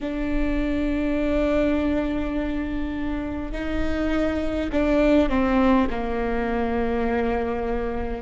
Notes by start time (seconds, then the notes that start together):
0.00 D4
3.52 D#4
4.72 D4
5.29 C4
5.90 A#3